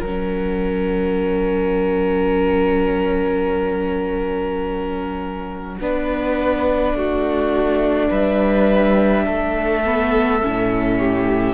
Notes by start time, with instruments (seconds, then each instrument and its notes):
0.00 cello F#3, viola C#4, violin A#4 F#5
5.80 cello B3, viola D4, violin B4
6.94 cello A3, violin F#4
8.09 cello G3, violin B4 E5
9.25 cello A3, violin A4
9.85 viola B3
10.42 cello A2, viola C#4
10.99 violin G4